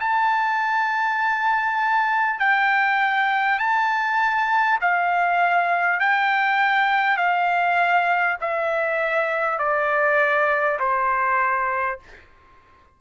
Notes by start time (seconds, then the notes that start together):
0.00 A5
2.39 G5
3.59 A5
4.81 F5
5.99 G5
7.17 F5
8.41 E5
9.59 D5
10.79 C5